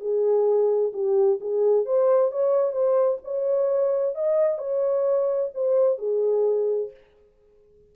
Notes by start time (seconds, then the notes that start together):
0.00 G#4
0.93 G4
1.41 G#4
1.85 C5
2.31 C#5
2.72 C5
3.24 C#5
4.15 D#5
4.58 C#5
5.54 C5
5.98 G#4